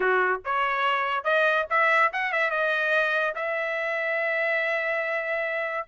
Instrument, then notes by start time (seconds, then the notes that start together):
trumpet
0.00 F#4
0.44 C#5
1.24 D#5
1.70 E5
2.12 F#5
2.32 E5
2.50 D#5
3.35 E5